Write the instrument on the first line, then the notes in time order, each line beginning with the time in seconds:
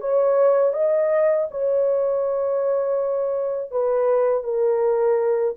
horn
0.00 C#5
0.73 D#5
1.50 C#5
3.71 B4
4.43 A#4